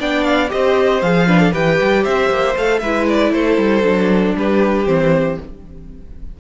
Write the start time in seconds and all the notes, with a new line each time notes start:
0.00 B3 D4 D5 G5
0.24 F5
0.49 C4 G4 C5 D#5
1.02 F3 G#4 F5
1.28 D4 B4
1.40 A4
1.52 E3 G4 B4 G5
1.81 G3
2.03 C4 C5 E5
2.30 A#3
2.57 A3 A4 F5
2.79 G#3 E4 B4 E5
3.09 D5
3.32 A3 A4 C5
3.58 G3
3.83 F#3 D4
4.36 G3 G4 B4
4.86 E3 C4 C5